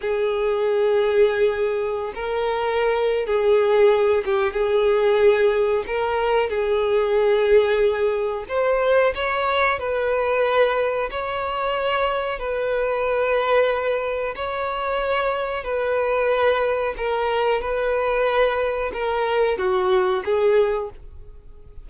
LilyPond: \new Staff \with { instrumentName = "violin" } { \time 4/4 \tempo 4 = 92 gis'2.~ gis'16 ais'8.~ | ais'4 gis'4. g'8 gis'4~ | gis'4 ais'4 gis'2~ | gis'4 c''4 cis''4 b'4~ |
b'4 cis''2 b'4~ | b'2 cis''2 | b'2 ais'4 b'4~ | b'4 ais'4 fis'4 gis'4 | }